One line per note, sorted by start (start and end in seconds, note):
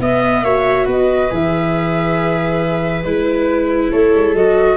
0.00 0.43 B3
0.00 0.45 B3
0.00 0.45 D#5
0.00 0.88 E5
0.43 0.87 A#3
0.43 1.30 F#4
0.43 0.86 C#5
0.86 1.30 B3
0.86 3.90 B4
0.86 1.34 D#5
1.30 3.05 E3
1.30 3.04 G#4
1.30 3.04 E5
3.04 3.92 G#3
3.04 4.36 E4
3.04 3.91 B4
3.91 4.14 A3
3.91 4.77 A4
3.91 4.35 C#5
4.15 4.35 G#3
4.35 4.77 F#3
4.35 4.77 F#4
4.35 4.77 D#5